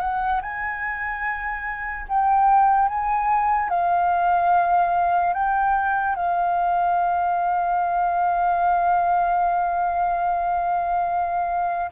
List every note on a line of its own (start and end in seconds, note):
0.00 0.41 F#5
0.42 2.07 G#5
2.09 2.89 G5
2.89 3.70 G#5
3.70 5.34 F5
5.34 6.16 G5
6.16 11.91 F5